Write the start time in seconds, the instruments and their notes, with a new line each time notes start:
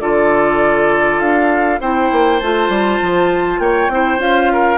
0.00 bassoon D3, clarinet F4, oboe A4, flute D5
1.19 bassoon D4, flute F5
1.80 bassoon C4, clarinet E4, oboe C5, flute G5
2.12 bassoon A#3
2.40 bassoon A3, clarinet F4, flute A5
2.69 bassoon G3
3.02 bassoon F3
3.59 bassoon A#3, oboe C#5, flute G5
3.88 bassoon C4, clarinet E4, oboe C5
4.18 bassoon C#4, clarinet F4, flute F5
4.53 oboe A#4